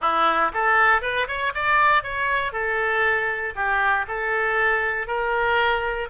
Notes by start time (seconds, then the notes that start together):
0.01 E4
0.53 A4
1.01 B4
1.27 C#5
1.54 D5
2.03 C#5
2.52 A4
3.55 G4
4.07 A4
5.07 A#4